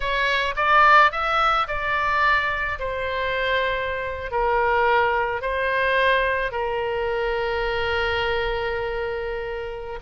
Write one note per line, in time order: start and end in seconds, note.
0.00 0.54 C#5
0.56 1.11 D5
1.11 1.67 E5
1.67 2.78 D5
2.79 4.31 C5
4.31 5.41 A#4
5.41 6.51 C5
6.51 9.98 A#4